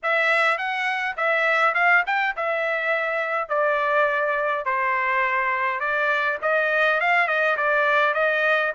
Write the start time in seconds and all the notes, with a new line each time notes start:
0.03 E5
0.57 F#5
1.16 E5
1.74 F5
2.06 G5
2.36 E5
3.48 D5
4.65 C5
5.80 D5
6.42 D#5
7.00 F5
7.27 D#5
7.56 D5
8.14 D#5